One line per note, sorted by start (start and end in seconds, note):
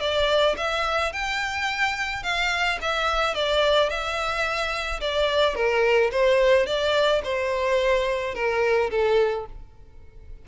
0.00 0.56 D5
0.57 1.12 E5
1.13 2.23 G5
2.23 2.78 F5
2.81 3.34 E5
3.34 3.89 D5
3.89 5.00 E5
5.00 5.55 D5
5.55 6.10 A#4
6.11 6.66 C5
6.66 7.22 D5
7.23 8.34 C5
8.34 8.90 A#4
8.90 9.46 A4